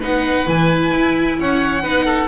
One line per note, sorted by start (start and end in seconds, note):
0.00 0.47 B3
0.00 0.46 D#4
0.00 1.36 B4
0.00 0.49 F#5
0.46 0.92 E3
0.46 1.82 E4
0.46 1.39 G#5
0.93 1.38 E4
1.39 1.84 C#4
1.39 1.82 C#5
1.39 2.28 F#5
1.82 2.28 B3
1.82 2.28 D#4
1.82 2.05 B4
2.05 2.28 A4